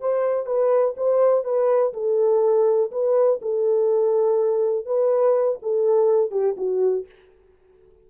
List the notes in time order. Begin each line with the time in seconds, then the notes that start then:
0.00 C5
0.46 B4
0.97 C5
1.44 B4
1.93 A4
2.91 B4
3.42 A4
4.86 B4
5.62 A4
6.31 G4
6.57 F#4